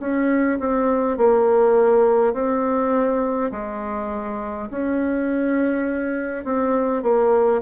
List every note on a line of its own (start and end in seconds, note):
0.00 0.59 C#4
0.60 1.18 C4
1.18 2.34 A#3
2.34 3.51 C4
3.52 4.70 G#3
4.71 6.45 C#4
6.45 7.03 C4
7.03 7.62 A#3